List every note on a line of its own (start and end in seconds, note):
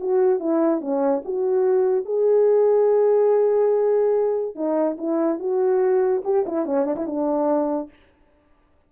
0.00 0.40 F#4
0.40 0.81 E4
0.81 1.22 C#4
1.25 2.05 F#4
2.05 4.55 G#4
4.55 4.97 D#4
4.98 5.39 E4
5.39 6.22 F#4
6.24 6.45 G4
6.46 6.65 E4
6.65 6.85 C#4
6.85 6.96 D4
6.96 7.06 E4
7.06 7.90 D4